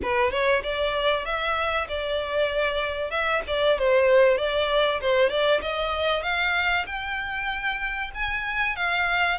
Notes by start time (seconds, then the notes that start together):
0.02 B4
0.31 C#5
0.63 D5
1.25 E5
1.88 D5
3.11 E5
3.47 D5
3.78 C5
4.38 D5
5.01 C5
5.29 D5
5.61 D#5
6.22 F5
6.86 G5
8.14 G#5
8.76 F5